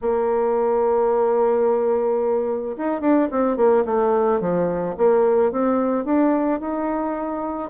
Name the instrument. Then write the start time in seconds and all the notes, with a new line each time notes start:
bassoon
0.01 A#3
2.77 D#4
3.01 D4
3.31 C4
3.57 A#3
3.85 A3
4.40 F3
4.97 A#3
5.51 C4
6.04 D4
6.60 D#4